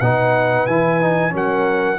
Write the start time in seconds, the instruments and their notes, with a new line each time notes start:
0.00 tuba B2, trombone D#4, horn B4, trumpet F#5
0.67 tuba E3, trombone E4, trumpet G#5
1.02 trombone D#4
1.30 tuba F#3, trombone C#4, horn A#4
1.36 trumpet F#5